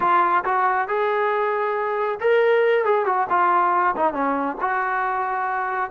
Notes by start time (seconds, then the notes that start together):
0.00 F4
0.44 F#4
0.88 G#4
2.20 A#4
2.85 G#4
3.05 F#4
3.29 F4
3.96 D#4
4.13 C#4
4.60 F#4